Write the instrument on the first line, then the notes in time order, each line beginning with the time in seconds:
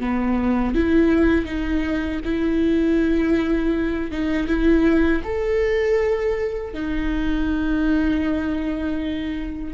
viola
0.00 B3
0.75 E4
1.46 D#4
2.25 E4
4.11 D#4
4.48 E4
5.24 A4
6.74 D#4